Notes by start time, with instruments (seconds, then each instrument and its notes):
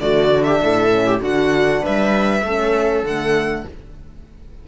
0.00 cello D3, horn A3, viola F#4, violin D5
0.30 horn D4
0.43 viola G4, violin E5
0.61 cello A2, viola A4
0.90 horn C#4
1.07 viola G4
1.21 cello D3, horn D4, viola F#4, violin F#5
1.82 cello G3, viola B4, violin E5
2.42 cello A3, horn C#4, viola A4
3.03 cello D3, horn A3, violin F#5